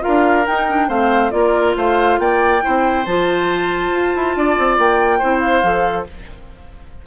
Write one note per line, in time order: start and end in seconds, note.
0.00 0.43 F4
0.00 0.88 A#4
0.00 0.46 F5
0.07 0.47 D4
0.46 0.89 D#4
0.46 0.69 D#4
0.46 0.89 G5
0.69 0.89 D4
0.88 1.32 A3
0.88 1.31 C4
0.88 1.31 C5
0.88 1.30 F5
1.30 1.75 A#3
1.30 2.60 F4
1.30 1.74 D5
1.37 1.76 A#4
1.76 2.19 A3
1.76 2.20 C5
1.76 2.19 F5
2.19 2.62 A#3
2.19 2.63 D5
2.19 3.05 G5
2.61 3.06 C4
2.61 3.04 E4
2.61 4.36 C5
3.05 3.91 F3
3.05 5.21 F4
3.05 4.78 A5
3.91 4.13 F4
4.15 4.36 E4
4.36 4.57 D4
4.36 5.18 D5
4.58 4.78 C4
4.78 5.21 A#3
4.78 5.39 G5
5.18 5.63 C4
5.18 5.63 E4
5.18 6.04 C5
5.39 6.04 F5
5.63 6.06 F3
5.63 6.06 A4